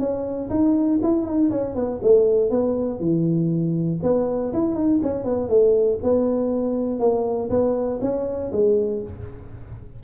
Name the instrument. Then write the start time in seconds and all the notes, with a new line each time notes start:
tuba
0.00 C#4
0.50 D#4
1.03 E4
1.26 D#4
1.51 C#4
1.76 B3
2.03 A3
2.51 B3
3.00 E3
4.03 B3
4.54 E4
4.75 D#4
5.03 C#4
5.25 B3
5.50 A3
6.03 B3
7.00 A#3
7.50 B3
8.02 C#4
8.53 G#3